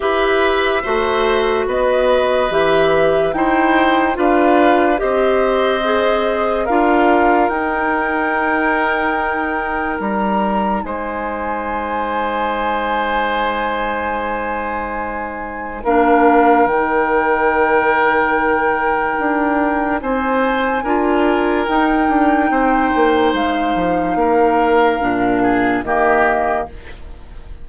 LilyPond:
<<
  \new Staff \with { instrumentName = "flute" } { \time 4/4 \tempo 4 = 72 e''2 dis''4 e''4 | g''4 f''4 dis''2 | f''4 g''2. | ais''4 gis''2.~ |
gis''2. f''4 | g''1 | gis''2 g''2 | f''2. dis''4 | }
  \new Staff \with { instrumentName = "oboe" } { \time 4/4 b'4 c''4 b'2 | c''4 b'4 c''2 | ais'1~ | ais'4 c''2.~ |
c''2. ais'4~ | ais'1 | c''4 ais'2 c''4~ | c''4 ais'4. gis'8 g'4 | }
  \new Staff \with { instrumentName = "clarinet" } { \time 4/4 g'4 fis'2 g'4 | e'4 f'4 g'4 gis'4 | f'4 dis'2.~ | dis'1~ |
dis'2. d'4 | dis'1~ | dis'4 f'4 dis'2~ | dis'2 d'4 ais4 | }
  \new Staff \with { instrumentName = "bassoon" } { \time 4/4 e'4 a4 b4 e4 | dis'4 d'4 c'2 | d'4 dis'2. | g4 gis2.~ |
gis2. ais4 | dis2. d'4 | c'4 d'4 dis'8 d'8 c'8 ais8 | gis8 f8 ais4 ais,4 dis4 | }
>>